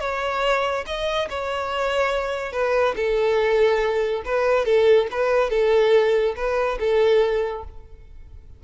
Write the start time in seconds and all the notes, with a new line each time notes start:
0.00 C#5
0.86 D#5
1.29 C#5
2.52 B4
2.96 A4
4.25 B4
4.65 A4
5.11 B4
5.50 A4
6.36 B4
6.80 A4